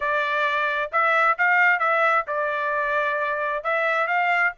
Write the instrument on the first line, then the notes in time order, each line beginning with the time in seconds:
trumpet
0.00 D5
0.92 E5
1.38 F5
1.79 E5
2.27 D5
3.63 E5
4.07 F5